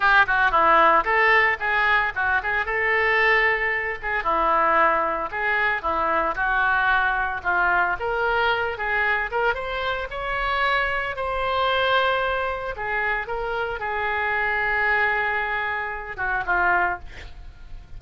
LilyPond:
\new Staff \with { instrumentName = "oboe" } { \time 4/4 \tempo 4 = 113 g'8 fis'8 e'4 a'4 gis'4 | fis'8 gis'8 a'2~ a'8 gis'8 | e'2 gis'4 e'4 | fis'2 f'4 ais'4~ |
ais'8 gis'4 ais'8 c''4 cis''4~ | cis''4 c''2. | gis'4 ais'4 gis'2~ | gis'2~ gis'8 fis'8 f'4 | }